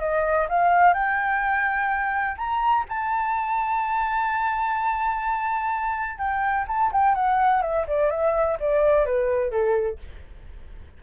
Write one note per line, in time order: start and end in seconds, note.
0.00 0.48 D#5
0.49 0.94 F5
0.94 2.37 G5
2.37 2.85 A#5
2.89 6.18 A5
6.18 6.66 G5
6.68 6.92 A5
6.92 7.15 G5
7.15 7.62 F#5
7.62 7.86 E5
7.87 8.10 D5
8.10 8.58 E5
8.60 9.06 D5
9.06 9.51 B4
9.51 9.99 A4